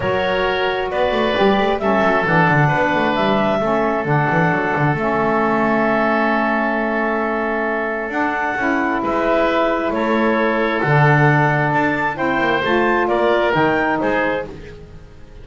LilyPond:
<<
  \new Staff \with { instrumentName = "clarinet" } { \time 4/4 \tempo 4 = 133 cis''2 d''2 | e''4 fis''2 e''4~ | e''4 fis''2 e''4~ | e''1~ |
e''2 fis''2 | e''2 cis''2 | fis''2 a''4 g''4 | a''4 d''4 g''4 c''4 | }
  \new Staff \with { instrumentName = "oboe" } { \time 4/4 ais'2 b'2 | a'2 b'2 | a'1~ | a'1~ |
a'1 | b'2 a'2~ | a'2. c''4~ | c''4 ais'2 gis'4 | }
  \new Staff \with { instrumentName = "saxophone" } { \time 4/4 fis'2. g'4 | cis'4 d'2. | cis'4 d'2 cis'4~ | cis'1~ |
cis'2 d'4 e'4~ | e'1 | d'2. e'4 | f'2 dis'2 | }
  \new Staff \with { instrumentName = "double bass" } { \time 4/4 fis2 b8 a8 g8 a8 | g8 fis8 e8 d8 b8 a8 g4 | a4 d8 e8 fis8 d8 a4~ | a1~ |
a2 d'4 cis'4 | gis2 a2 | d2 d'4 c'8 ais8 | a4 ais4 dis4 gis4 | }
>>